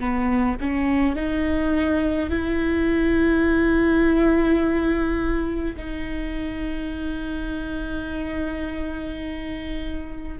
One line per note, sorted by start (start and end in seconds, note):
0.00 0.58 B3
0.61 1.16 C#4
1.16 2.30 D#4
2.30 5.76 E4
5.77 10.38 D#4